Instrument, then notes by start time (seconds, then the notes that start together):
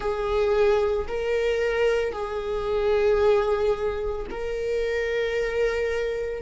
viola
0.00 G#4
1.07 A#4
2.12 G#4
4.30 A#4